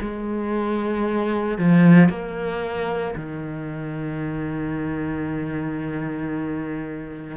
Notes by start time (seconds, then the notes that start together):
0.00 G#3
1.57 F3
2.09 A#3
3.15 D#3